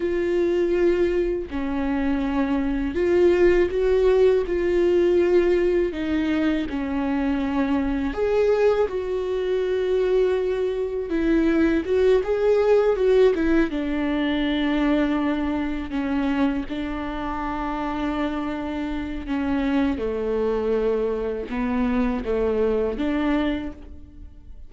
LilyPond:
\new Staff \with { instrumentName = "viola" } { \time 4/4 \tempo 4 = 81 f'2 cis'2 | f'4 fis'4 f'2 | dis'4 cis'2 gis'4 | fis'2. e'4 |
fis'8 gis'4 fis'8 e'8 d'4.~ | d'4. cis'4 d'4.~ | d'2 cis'4 a4~ | a4 b4 a4 d'4 | }